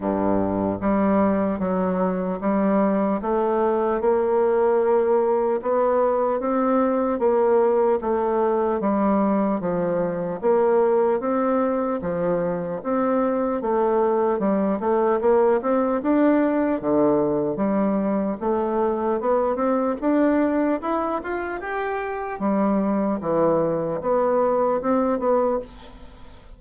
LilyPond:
\new Staff \with { instrumentName = "bassoon" } { \time 4/4 \tempo 4 = 75 g,4 g4 fis4 g4 | a4 ais2 b4 | c'4 ais4 a4 g4 | f4 ais4 c'4 f4 |
c'4 a4 g8 a8 ais8 c'8 | d'4 d4 g4 a4 | b8 c'8 d'4 e'8 f'8 g'4 | g4 e4 b4 c'8 b8 | }